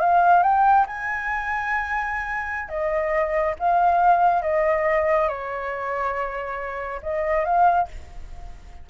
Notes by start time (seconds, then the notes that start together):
0.00 F5
0.43 G5
0.87 G#5
2.69 D#5
3.59 F5
4.42 D#5
5.28 C#5
7.02 D#5
7.45 F5